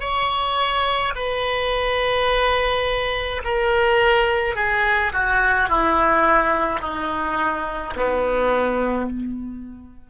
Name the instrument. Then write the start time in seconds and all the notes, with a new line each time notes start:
oboe
0.00 C#5
1.16 B4
3.44 A#4
4.55 G#4
5.13 F#4
5.69 E4
6.81 D#4
7.96 B3